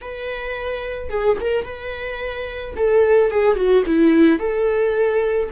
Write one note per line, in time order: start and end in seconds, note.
0.01 1.09 B4
1.09 1.37 G#4
1.40 1.64 A#4
1.64 2.74 B4
2.76 3.30 A4
3.30 3.55 G#4
3.55 3.83 F#4
3.85 4.39 E4
4.39 5.49 A4